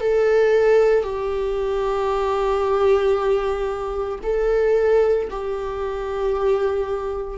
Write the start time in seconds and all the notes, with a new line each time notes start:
0.00 A4
1.03 G4
4.23 A4
5.30 G4